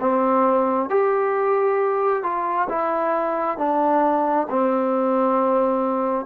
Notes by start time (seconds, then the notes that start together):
0.00 C4
0.90 G4
2.23 F4
2.69 E4
3.57 D4
4.49 C4